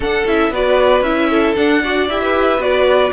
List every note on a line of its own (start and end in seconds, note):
0.00 0.24 D4
0.00 0.25 D4
0.00 0.52 A4
0.00 0.27 F#5
0.26 0.50 C#4
0.26 0.53 E4
0.26 0.53 E5
0.50 1.01 B3
0.50 1.04 F#4
0.50 1.30 B4
0.50 1.03 D5
1.01 1.53 C#4
1.01 1.56 E4
1.01 1.55 E5
1.30 1.82 A4
1.56 1.82 D4
1.56 2.08 D4
1.56 2.08 F#5
1.83 2.09 F#4
1.83 2.22 D5
2.08 2.58 E4
2.08 2.58 G4
2.08 2.62 E5
2.22 3.12 B4
2.58 3.10 B3
2.58 3.11 F#4
2.58 3.12 D5